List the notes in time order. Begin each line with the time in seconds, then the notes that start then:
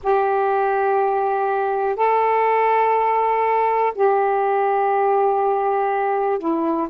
0.03 G4
1.95 A4
3.94 G4
6.38 E4